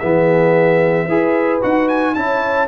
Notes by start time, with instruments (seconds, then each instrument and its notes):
0.00 tuba E3, trombone B3, horn G#4, trumpet E5
1.07 tuba E4, trombone G#4, horn B4
1.62 tuba D#4, trombone F#4, trumpet F#5
1.89 trumpet G#5
2.15 tuba C#4, trombone E4, horn C#5, trumpet A5